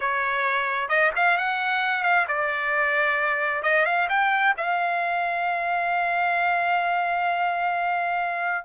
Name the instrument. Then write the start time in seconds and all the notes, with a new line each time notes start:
trumpet
0.00 C#5
0.88 D#5
1.15 F5
1.37 F#5
2.03 F5
2.28 D5
3.63 D#5
3.85 F5
4.09 G5
4.57 F5